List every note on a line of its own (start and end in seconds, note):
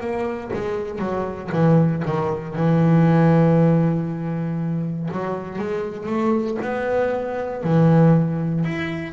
0.00 0.51 A#3
0.53 0.98 G#3
0.98 1.49 F#3
1.52 2.03 E3
2.05 2.55 D#3
2.55 5.09 E3
5.10 5.58 F#3
5.58 6.06 G#3
6.06 6.57 A3
6.62 7.63 B3
7.63 8.64 E3
8.64 9.13 E4